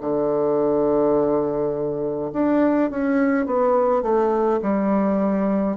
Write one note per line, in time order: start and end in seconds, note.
0.00 2.31 D3
2.32 2.90 D4
2.90 3.46 C#4
3.46 4.02 B3
4.02 4.59 A3
4.62 5.76 G3